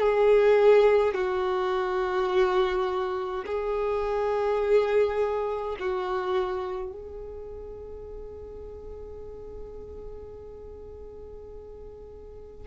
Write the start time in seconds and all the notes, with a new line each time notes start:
0.00 G#4
1.14 F#4
3.46 G#4
5.80 F#4
6.92 G#4